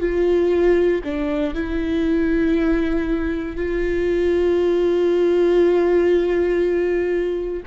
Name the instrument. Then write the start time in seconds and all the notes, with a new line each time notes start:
viola
0.00 F4
1.04 D4
1.54 E4
3.56 F4